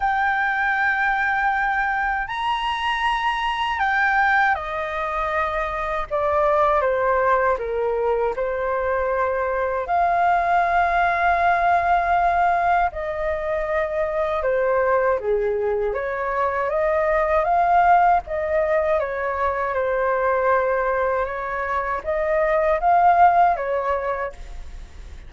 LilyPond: \new Staff \with { instrumentName = "flute" } { \time 4/4 \tempo 4 = 79 g''2. ais''4~ | ais''4 g''4 dis''2 | d''4 c''4 ais'4 c''4~ | c''4 f''2.~ |
f''4 dis''2 c''4 | gis'4 cis''4 dis''4 f''4 | dis''4 cis''4 c''2 | cis''4 dis''4 f''4 cis''4 | }